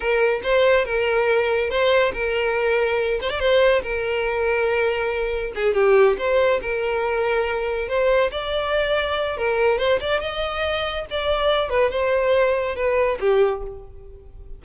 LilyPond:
\new Staff \with { instrumentName = "violin" } { \time 4/4 \tempo 4 = 141 ais'4 c''4 ais'2 | c''4 ais'2~ ais'8 c''16 d''16 | c''4 ais'2.~ | ais'4 gis'8 g'4 c''4 ais'8~ |
ais'2~ ais'8 c''4 d''8~ | d''2 ais'4 c''8 d''8 | dis''2 d''4. b'8 | c''2 b'4 g'4 | }